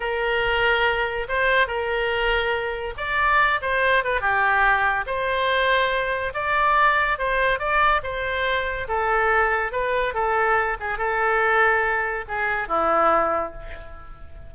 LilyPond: \new Staff \with { instrumentName = "oboe" } { \time 4/4 \tempo 4 = 142 ais'2. c''4 | ais'2. d''4~ | d''8 c''4 b'8 g'2 | c''2. d''4~ |
d''4 c''4 d''4 c''4~ | c''4 a'2 b'4 | a'4. gis'8 a'2~ | a'4 gis'4 e'2 | }